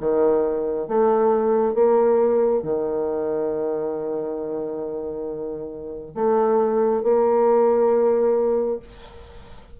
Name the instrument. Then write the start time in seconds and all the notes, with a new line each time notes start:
bassoon
0.00 D#3
0.88 A3
1.74 A#3
2.62 D#3
6.14 A3
7.03 A#3